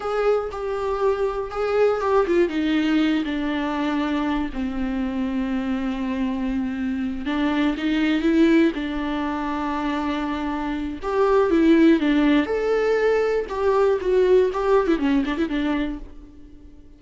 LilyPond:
\new Staff \with { instrumentName = "viola" } { \time 4/4 \tempo 4 = 120 gis'4 g'2 gis'4 | g'8 f'8 dis'4. d'4.~ | d'4 c'2.~ | c'2~ c'8 d'4 dis'8~ |
dis'8 e'4 d'2~ d'8~ | d'2 g'4 e'4 | d'4 a'2 g'4 | fis'4 g'8. e'16 cis'8 d'16 e'16 d'4 | }